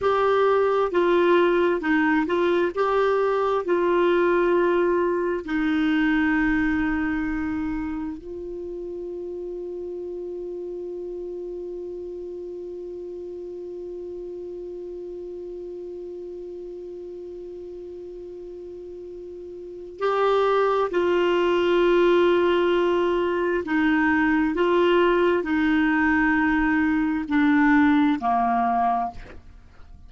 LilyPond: \new Staff \with { instrumentName = "clarinet" } { \time 4/4 \tempo 4 = 66 g'4 f'4 dis'8 f'8 g'4 | f'2 dis'2~ | dis'4 f'2.~ | f'1~ |
f'1~ | f'2 g'4 f'4~ | f'2 dis'4 f'4 | dis'2 d'4 ais4 | }